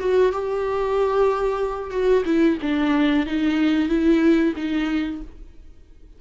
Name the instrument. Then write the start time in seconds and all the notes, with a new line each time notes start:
viola
0.00 F#4
0.32 G4
1.91 F#4
2.25 E4
2.61 D4
3.26 D#4
3.88 E4
4.56 D#4